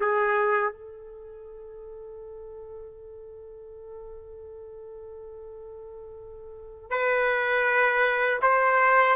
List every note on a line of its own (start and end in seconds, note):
0.00 0.73 G#4
0.73 6.90 A4
6.90 8.40 B4
8.42 9.16 C5